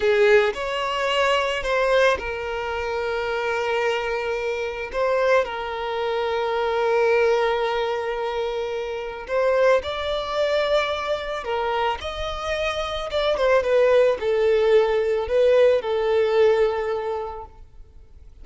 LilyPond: \new Staff \with { instrumentName = "violin" } { \time 4/4 \tempo 4 = 110 gis'4 cis''2 c''4 | ais'1~ | ais'4 c''4 ais'2~ | ais'1~ |
ais'4 c''4 d''2~ | d''4 ais'4 dis''2 | d''8 c''8 b'4 a'2 | b'4 a'2. | }